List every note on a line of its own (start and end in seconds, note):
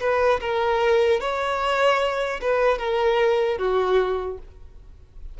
0.00 0.40 B4
0.40 1.20 A#4
1.20 2.40 C#5
2.41 2.78 B4
2.78 3.58 A#4
3.58 4.38 F#4